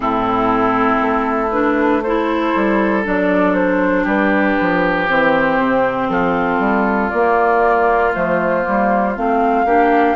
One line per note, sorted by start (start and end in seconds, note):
0.00 1.00 A2
0.00 1.49 C4
0.00 2.03 E4
0.00 1.50 A4
1.01 2.53 A3
1.51 2.03 D4
1.51 2.02 B4
2.02 3.03 E4
2.02 4.03 A4
2.02 3.04 C5
2.55 3.06 G3
3.03 4.05 F#3
3.03 5.07 D4
3.03 3.54 D5
3.54 4.05 C5
4.03 4.56 G3
4.03 6.07 G4
4.03 5.09 B4
4.60 5.10 F3
5.08 5.58 E3
5.08 7.11 C4
5.08 6.10 C5
5.58 6.08 C3
6.08 6.59 F3
6.08 9.65 F4
6.08 7.10 A4
6.59 7.10 G3
7.10 8.15 A#3
7.10 8.13 A#3
7.10 8.11 D5
8.13 8.66 F3
8.13 8.62 A3
8.13 9.16 C5
8.62 9.17 G3
8.62 9.12 A#3
9.15 9.65 A3
9.15 9.65 C4
9.15 10.16 F5
9.65 10.16 A#3
9.65 10.16 D4
9.65 10.16 G4